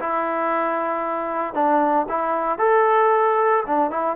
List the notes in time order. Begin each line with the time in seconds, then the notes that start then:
0.00 E4
1.54 D4
2.09 E4
2.59 A4
3.67 D4
3.91 E4